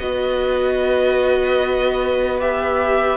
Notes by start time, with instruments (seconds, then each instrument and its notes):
0.00 cello B3, viola F#4, violin B4 D#5
2.40 viola G4, violin E5